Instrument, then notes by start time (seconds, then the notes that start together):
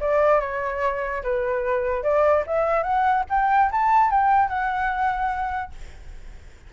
flute
0.00 D5
0.40 C#5
1.23 B4
2.02 D5
2.46 E5
2.83 F#5
3.29 G5
3.71 A5
4.11 G5
4.48 F#5